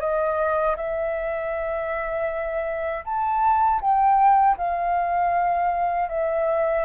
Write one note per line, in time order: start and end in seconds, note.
0.00 0.76 D#5
0.77 3.04 E5
3.05 3.81 A5
3.81 4.57 G5
4.57 6.09 F5
6.09 6.85 E5